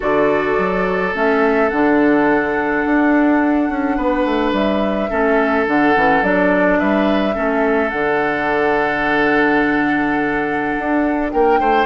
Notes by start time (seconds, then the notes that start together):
0.00 D3 F#4 A4 D5
0.57 F#3
1.14 A3 C#4 E5
1.69 D3 D4 F#5
2.85 D4
3.69 C#4
3.96 B3 B4
4.25 A3
4.52 G3 E5
5.10 A3 C#4 A4
5.66 D3 D4 F#5
5.95 E3 C#4
6.22 F#3 D4 D5
6.79 G3 B4 E5
7.33 A3 C#4 A4
7.89 D3 D4 F#5
10.78 D4
11.30 A#3 A#4 G5
11.59 A3 C5